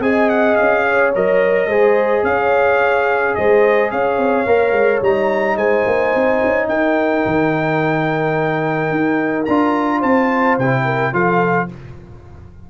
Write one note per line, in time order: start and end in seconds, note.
0.00 0.56 C4
0.00 1.13 G#4
0.00 0.86 D#5
0.00 0.30 G#5
0.30 0.56 F#5
0.56 1.15 C#4
0.56 1.11 F5
0.86 1.68 C#5
1.15 1.67 F#3
1.15 1.71 A#4
1.15 2.24 D#5
1.67 2.22 G#3
1.67 4.47 G#4
1.67 2.23 C5
2.23 3.34 C#4
2.23 3.38 C#5
2.23 3.35 F5
3.35 3.92 G#3
3.35 3.92 C5
3.35 3.91 D#5
3.91 4.18 C#4
3.91 5.56 C#5
3.91 5.02 F5
4.18 4.46 C4
4.47 4.72 A#3
4.47 5.03 A#4
4.72 5.00 G#3
5.02 5.56 G3
5.02 9.47 D#4
5.02 5.58 A#5
5.56 5.84 G#3
5.56 6.68 C5
5.56 6.68 G#5
5.86 6.14 A#3
6.15 6.43 C4
6.44 6.69 C#4
6.68 7.24 D#4
6.68 9.99 A#4
6.68 9.45 G5
7.26 8.91 D#3
8.91 9.47 D#4
9.45 10.03 D4
9.45 10.61 F4
9.45 10.01 A#5
9.99 10.59 C4
9.99 10.82 C5
9.99 10.58 A5
10.59 11.13 C3
10.59 11.13 E4
10.59 11.14 G5
10.85 11.13 A#4
11.13 11.69 F3
11.13 11.69 F4
11.13 11.69 A4
11.13 11.70 F5